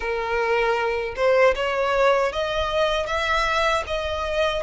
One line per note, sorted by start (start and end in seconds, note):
0.00 1.14 A#4
1.16 1.54 C5
1.55 2.32 C#5
2.32 3.06 D#5
3.06 3.83 E5
3.87 4.63 D#5